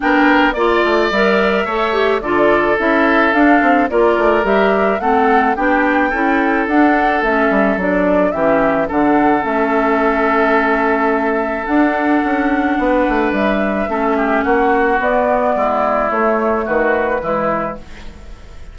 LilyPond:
<<
  \new Staff \with { instrumentName = "flute" } { \time 4/4 \tempo 4 = 108 g''4 d''4 e''2 | d''4 e''4 f''4 d''4 | e''4 fis''4 g''2 | fis''4 e''4 d''4 e''4 |
fis''4 e''2.~ | e''4 fis''2. | e''2 fis''4 d''4~ | d''4 cis''4 b'2 | }
  \new Staff \with { instrumentName = "oboe" } { \time 4/4 ais'4 d''2 cis''4 | a'2. ais'4~ | ais'4 a'4 g'4 a'4~ | a'2. g'4 |
a'1~ | a'2. b'4~ | b'4 a'8 g'8 fis'2 | e'2 fis'4 e'4 | }
  \new Staff \with { instrumentName = "clarinet" } { \time 4/4 d'4 f'4 ais'4 a'8 g'8 | f'4 e'4 d'4 f'4 | g'4 c'4 d'4 e'4 | d'4 cis'4 d'4 cis'4 |
d'4 cis'2.~ | cis'4 d'2.~ | d'4 cis'2 b4~ | b4 a2 gis4 | }
  \new Staff \with { instrumentName = "bassoon" } { \time 4/4 b4 ais8 a8 g4 a4 | d4 cis'4 d'8 c'8 ais8 a8 | g4 a4 b4 cis'4 | d'4 a8 g8 fis4 e4 |
d4 a2.~ | a4 d'4 cis'4 b8 a8 | g4 a4 ais4 b4 | gis4 a4 dis4 e4 | }
>>